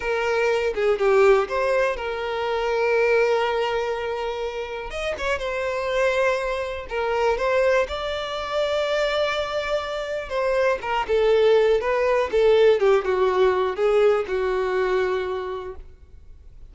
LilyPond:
\new Staff \with { instrumentName = "violin" } { \time 4/4 \tempo 4 = 122 ais'4. gis'8 g'4 c''4 | ais'1~ | ais'2 dis''8 cis''8 c''4~ | c''2 ais'4 c''4 |
d''1~ | d''4 c''4 ais'8 a'4. | b'4 a'4 g'8 fis'4. | gis'4 fis'2. | }